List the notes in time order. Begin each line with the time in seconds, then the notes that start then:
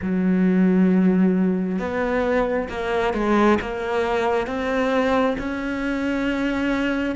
0.02 F#3
1.78 B3
2.69 A#3
3.13 G#3
3.61 A#3
4.46 C4
5.38 C#4